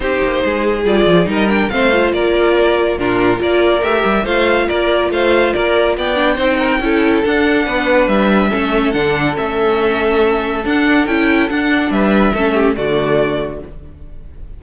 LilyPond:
<<
  \new Staff \with { instrumentName = "violin" } { \time 4/4 \tempo 4 = 141 c''2 d''4 dis''8 g''8 | f''4 d''2 ais'4 | d''4 e''4 f''4 d''4 | f''4 d''4 g''2~ |
g''4 fis''2 e''4~ | e''4 fis''4 e''2~ | e''4 fis''4 g''4 fis''4 | e''2 d''2 | }
  \new Staff \with { instrumentName = "violin" } { \time 4/4 g'4 gis'2 ais'4 | c''4 ais'2 f'4 | ais'2 c''4 ais'4 | c''4 ais'4 d''4 c''8 ais'8 |
a'2 b'2 | a'1~ | a'1 | b'4 a'8 g'8 fis'2 | }
  \new Staff \with { instrumentName = "viola" } { \time 4/4 dis'2 f'4 dis'8 d'8 | c'8 f'2~ f'8 d'4 | f'4 g'4 f'2~ | f'2~ f'8 d'8 dis'4 |
e'4 d'2. | cis'4 d'4 cis'2~ | cis'4 d'4 e'4 d'4~ | d'4 cis'4 a2 | }
  \new Staff \with { instrumentName = "cello" } { \time 4/4 c'8 ais8 gis4 g8 f8 g4 | a4 ais2 ais,4 | ais4 a8 g8 a4 ais4 | a4 ais4 b4 c'4 |
cis'4 d'4 b4 g4 | a4 d4 a2~ | a4 d'4 cis'4 d'4 | g4 a4 d2 | }
>>